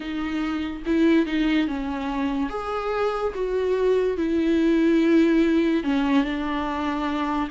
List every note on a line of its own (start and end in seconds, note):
0.00 0.83 D#4
0.86 1.25 E4
1.25 1.67 D#4
1.67 2.49 C#4
2.49 3.33 G#4
3.34 4.17 F#4
4.17 5.83 E4
5.83 6.23 C#4
6.23 7.48 D4